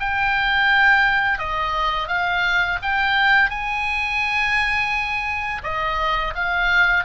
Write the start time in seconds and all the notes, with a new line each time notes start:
0.00 G5
1.39 D#5
2.08 F5
2.83 G5
3.50 G#5
5.64 D#5
6.35 F5